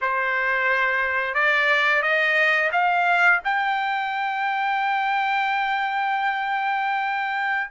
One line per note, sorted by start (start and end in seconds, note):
0.01 1.34 C5
1.34 2.02 D5
2.02 2.70 D#5
2.71 3.40 F5
3.44 7.70 G5